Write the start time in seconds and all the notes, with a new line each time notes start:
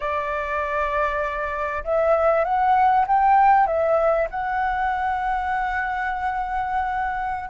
0.00 D5
1.84 E5
2.44 F#5
3.07 G5
3.67 E5
4.30 F#5